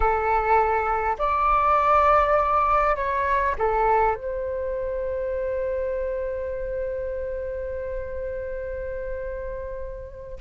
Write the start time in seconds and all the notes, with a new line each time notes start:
0.00 A4
1.18 D5
2.95 C#5
3.58 A4
4.14 C5